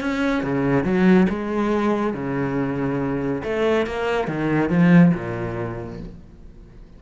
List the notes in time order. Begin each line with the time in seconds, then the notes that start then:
0.00 C#4
0.43 C#3
0.84 F#3
1.29 G#3
2.13 C#3
3.43 A3
3.86 A#3
4.27 D#3
4.69 F3
5.14 A#2